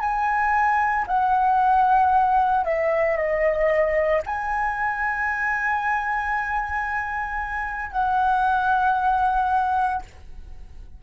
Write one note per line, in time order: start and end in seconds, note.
0.00 1.05 G#5
1.07 2.65 F#5
2.65 3.17 E5
3.17 4.22 D#5
4.26 7.91 G#5
7.91 10.02 F#5